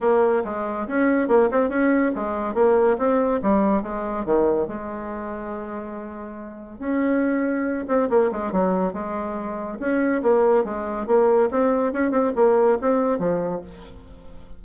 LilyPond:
\new Staff \with { instrumentName = "bassoon" } { \time 4/4 \tempo 4 = 141 ais4 gis4 cis'4 ais8 c'8 | cis'4 gis4 ais4 c'4 | g4 gis4 dis4 gis4~ | gis1 |
cis'2~ cis'8 c'8 ais8 gis8 | fis4 gis2 cis'4 | ais4 gis4 ais4 c'4 | cis'8 c'8 ais4 c'4 f4 | }